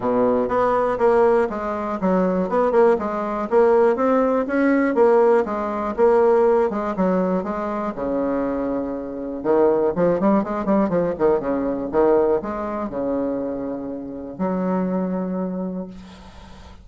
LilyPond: \new Staff \with { instrumentName = "bassoon" } { \time 4/4 \tempo 4 = 121 b,4 b4 ais4 gis4 | fis4 b8 ais8 gis4 ais4 | c'4 cis'4 ais4 gis4 | ais4. gis8 fis4 gis4 |
cis2. dis4 | f8 g8 gis8 g8 f8 dis8 cis4 | dis4 gis4 cis2~ | cis4 fis2. | }